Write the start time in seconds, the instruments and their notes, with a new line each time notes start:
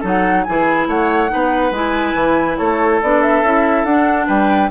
0.00 bassoon F#3, clarinet D#4, oboe A4
0.07 flute F#5
0.43 bassoon E3, clarinet E4, oboe G#4, flute G#5
0.87 bassoon A3, oboe C#5, flute F#5
1.28 bassoon B3, clarinet D#4, oboe B4
1.71 bassoon G#3, clarinet E4, flute G#5
2.14 bassoon E3
2.57 bassoon A3, oboe A4, flute C#5
3.02 bassoon B3, clarinet D4, flute D5
3.22 flute E5
3.42 bassoon C#4, clarinet E4
3.84 bassoon D4, clarinet D4, flute F#5
4.27 bassoon G3, oboe B4, flute G5